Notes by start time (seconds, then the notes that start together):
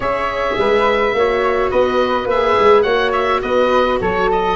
0.00 C#4 G#4 C#5 E5
0.57 G#3 B4
1.13 A#3 F#4 C#5
1.70 B3 B4 D#5
2.25 A#3 E5
2.32 G#4
2.58 G#3
2.82 A#3 F#4 C#5 F#5
3.12 E5
3.42 B3 B4 D#5
4.00 F#3 A4 C#5
4.31 D#5